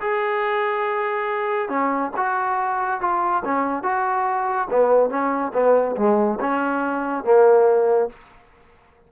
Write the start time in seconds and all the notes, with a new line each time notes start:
0.00 G#4
1.69 C#4
2.16 F#4
3.00 F4
3.44 C#4
3.83 F#4
4.70 B3
5.10 C#4
5.53 B3
5.96 G#3
6.40 C#4
7.24 A#3